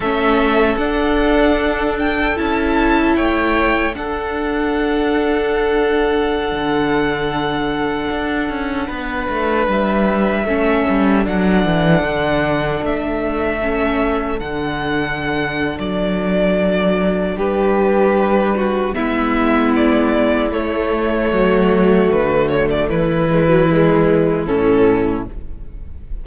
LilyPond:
<<
  \new Staff \with { instrumentName = "violin" } { \time 4/4 \tempo 4 = 76 e''4 fis''4. g''8 a''4 | g''4 fis''2.~ | fis''1~ | fis''16 e''2 fis''4.~ fis''16~ |
fis''16 e''2 fis''4.~ fis''16 | d''2 b'2 | e''4 d''4 cis''2 | b'8 cis''16 d''16 b'2 a'4 | }
  \new Staff \with { instrumentName = "violin" } { \time 4/4 a'1 | cis''4 a'2.~ | a'2.~ a'16 b'8.~ | b'4~ b'16 a'2~ a'8.~ |
a'1~ | a'2 g'4. fis'8 | e'2. fis'4~ | fis'4 e'2. | }
  \new Staff \with { instrumentName = "viola" } { \time 4/4 cis'4 d'2 e'4~ | e'4 d'2.~ | d'1~ | d'4~ d'16 cis'4 d'4.~ d'16~ |
d'4~ d'16 cis'4 d'4.~ d'16~ | d'1 | b2 a2~ | a4. gis16 fis16 gis4 cis'4 | }
  \new Staff \with { instrumentName = "cello" } { \time 4/4 a4 d'2 cis'4 | a4 d'2.~ | d'16 d2 d'8 cis'8 b8 a16~ | a16 g4 a8 g8 fis8 e8 d8.~ |
d16 a2 d4.~ d16 | fis2 g2 | gis2 a4 fis4 | d4 e2 a,4 | }
>>